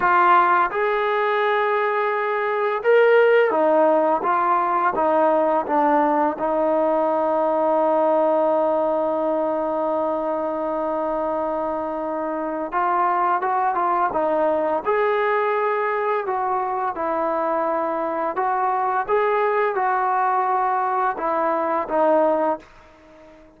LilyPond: \new Staff \with { instrumentName = "trombone" } { \time 4/4 \tempo 4 = 85 f'4 gis'2. | ais'4 dis'4 f'4 dis'4 | d'4 dis'2.~ | dis'1~ |
dis'2 f'4 fis'8 f'8 | dis'4 gis'2 fis'4 | e'2 fis'4 gis'4 | fis'2 e'4 dis'4 | }